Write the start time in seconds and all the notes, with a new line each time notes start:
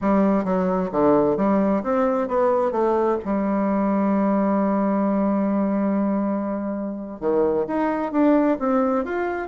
0.01 G3
0.44 F#3
0.91 D3
1.36 G3
1.83 C4
2.28 B3
2.71 A3
3.24 G3
7.20 D#3
7.67 D#4
8.12 D4
8.59 C4
9.05 F4